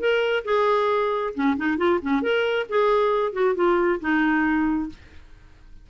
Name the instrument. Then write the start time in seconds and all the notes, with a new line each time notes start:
clarinet
0.00 A#4
0.45 G#4
1.35 C#4
1.57 D#4
1.78 F4
2.02 C#4
2.22 A#4
2.69 G#4
3.33 F#4
3.56 F4
4.01 D#4